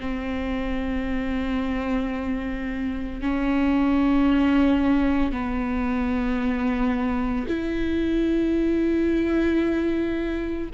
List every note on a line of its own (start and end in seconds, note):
0.00 3.21 C4
3.21 5.32 C#4
5.32 7.47 B3
7.48 10.69 E4